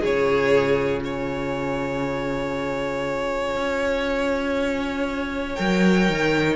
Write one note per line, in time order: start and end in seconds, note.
0.00 3.55 C#3
0.00 5.56 F4
0.00 1.01 G#4
0.00 1.03 C#5
1.03 6.56 C#5
1.03 5.55 G#5
3.56 5.57 C#4
5.55 6.09 F#3
5.55 6.56 A#4
5.55 6.56 G5
6.09 6.56 D#3